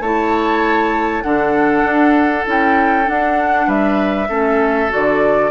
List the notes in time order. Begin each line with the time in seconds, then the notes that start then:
0.00 A3 E4 C#5 A5
1.22 D3 D4 A4 F#5
1.84 D4
2.45 C#4 E4 G5
3.04 D4 F#5
3.67 G3 B4 E5
4.29 A3 C#4 A4
4.89 D3 F#4 D5